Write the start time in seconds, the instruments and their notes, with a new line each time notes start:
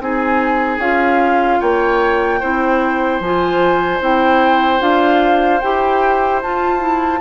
0.00 bassoon C4, clarinet D#4, oboe G#4, flute G#5
0.78 bassoon C#4, clarinet F4, flute F5
1.60 bassoon A#3, oboe C#5, flute G5
2.40 bassoon C4, clarinet E4, oboe C5
3.20 bassoon F3, clarinet F4, flute G#5
4.01 bassoon C4, clarinet E4, flute G5
4.79 bassoon D4, clarinet F4, flute F5
5.60 bassoon E4, clarinet G4, flute G5
6.42 clarinet F4, bassoon F4, flute A5
6.79 clarinet E4